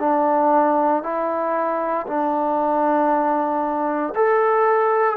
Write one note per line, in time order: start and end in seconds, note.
0.00 1.03 D4
1.03 2.07 E4
2.07 4.14 D4
4.15 5.18 A4